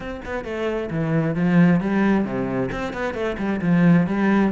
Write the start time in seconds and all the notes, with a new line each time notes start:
0.00 C4
0.25 B3
0.44 A3
0.90 E3
1.35 F3
1.80 G3
2.24 C3
2.71 C4
2.93 B3
3.14 A3
3.37 G3
3.61 F3
4.06 G3